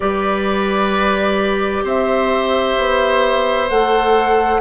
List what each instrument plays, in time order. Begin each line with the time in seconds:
0.00 bassoon G3, clarinet G4, oboe B4, flute D5
1.83 bassoon C4, oboe C5, flute E5
2.77 bassoon B3
3.69 bassoon A3, clarinet A4, flute F#5